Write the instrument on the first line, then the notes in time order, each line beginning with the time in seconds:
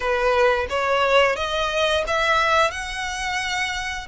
violin
0.00 B4
0.69 C#5
1.35 D#5
2.07 E5
2.70 F#5